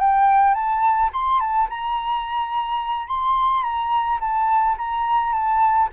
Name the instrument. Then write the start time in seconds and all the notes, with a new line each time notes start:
flute
0.00 G5
0.55 A5
1.13 C6
1.40 A5
1.70 A#5
3.08 C6
3.63 A#5
4.21 A5
4.78 A#5
5.33 A5